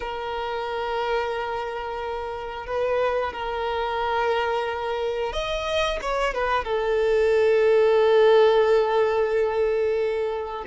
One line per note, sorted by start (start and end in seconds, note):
0.00 2.66 A#4
2.66 3.32 B4
3.32 5.32 A#4
5.32 5.99 D#5
6.01 6.34 C#5
6.34 6.64 B4
6.64 10.64 A4